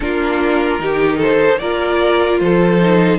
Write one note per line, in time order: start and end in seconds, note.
0.00 0.79 A#3
0.00 0.79 D4
0.00 0.82 F4
0.00 1.20 A#4
0.79 1.59 D#3
0.79 1.59 D#4
0.79 1.17 G4
1.17 1.57 A4
1.17 1.59 C5
1.59 2.40 A#3
1.59 2.80 F4
1.59 2.40 A#4
1.59 2.39 D5
2.39 3.19 F3
2.39 3.19 A4
2.39 3.19 C5
2.80 3.19 D#4